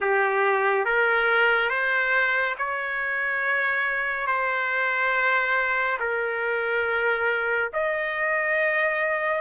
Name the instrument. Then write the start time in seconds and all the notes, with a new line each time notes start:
trumpet
0.00 G4
0.85 A#4
1.69 C5
2.58 C#5
4.26 C5
5.99 A#4
7.73 D#5